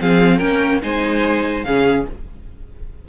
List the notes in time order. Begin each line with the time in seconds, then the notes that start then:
0.00 F3 C4 G#4 F5
0.37 A#3 C#4 A#4 G5
0.82 G#3 D#4 C5 G#5
1.63 C#3 C#4 G#4 F5